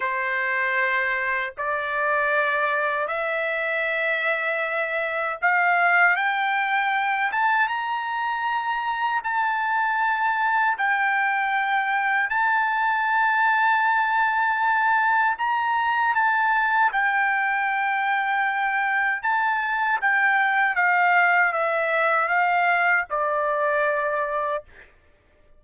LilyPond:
\new Staff \with { instrumentName = "trumpet" } { \time 4/4 \tempo 4 = 78 c''2 d''2 | e''2. f''4 | g''4. a''8 ais''2 | a''2 g''2 |
a''1 | ais''4 a''4 g''2~ | g''4 a''4 g''4 f''4 | e''4 f''4 d''2 | }